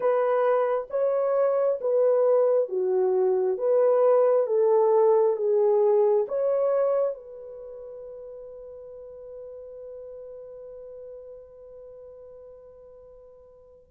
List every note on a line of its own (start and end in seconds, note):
0.00 0.87 B4
0.90 1.79 C#5
1.81 2.68 B4
2.68 3.57 F#4
3.57 4.47 B4
4.47 5.36 A4
5.36 6.26 G#4
6.28 7.14 C#5
7.14 13.86 B4